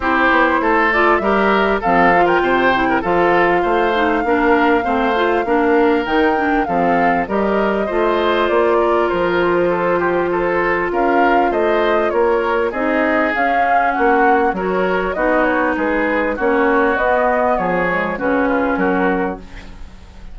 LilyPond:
<<
  \new Staff \with { instrumentName = "flute" } { \time 4/4 \tempo 4 = 99 c''4. d''8 e''4 f''8. g''16~ | g''4 f''2.~ | f''2 g''4 f''4 | dis''2 d''4 c''4~ |
c''2 f''4 dis''4 | cis''4 dis''4 f''4 fis''4 | cis''4 dis''8 cis''8 b'4 cis''4 | dis''4 cis''4 b'4 ais'4 | }
  \new Staff \with { instrumentName = "oboe" } { \time 4/4 g'4 a'4 ais'4 a'8. ais'16 | c''8. ais'16 a'4 c''4 ais'4 | c''4 ais'2 a'4 | ais'4 c''4. ais'4. |
a'8 g'8 a'4 ais'4 c''4 | ais'4 gis'2 fis'4 | ais'4 fis'4 gis'4 fis'4~ | fis'4 gis'4 fis'8 f'8 fis'4 | }
  \new Staff \with { instrumentName = "clarinet" } { \time 4/4 e'4. f'8 g'4 c'8 f'8~ | f'8 e'8 f'4. dis'8 d'4 | c'8 f'8 d'4 dis'8 d'8 c'4 | g'4 f'2.~ |
f'1~ | f'4 dis'4 cis'2 | fis'4 dis'2 cis'4 | b4. gis8 cis'2 | }
  \new Staff \with { instrumentName = "bassoon" } { \time 4/4 c'8 b8 a4 g4 f4 | c4 f4 a4 ais4 | a4 ais4 dis4 f4 | g4 a4 ais4 f4~ |
f2 cis'4 a4 | ais4 c'4 cis'4 ais4 | fis4 b4 gis4 ais4 | b4 f4 cis4 fis4 | }
>>